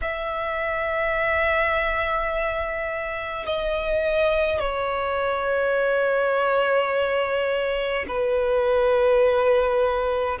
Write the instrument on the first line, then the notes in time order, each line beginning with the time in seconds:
violin
0.01 E5
3.46 D#5
4.59 C#5
8.08 B4